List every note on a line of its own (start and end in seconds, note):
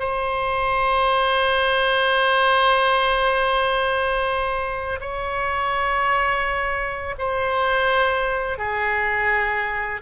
0.00 5.00 C5
5.01 7.15 C#5
7.19 8.58 C5
8.58 10.01 G#4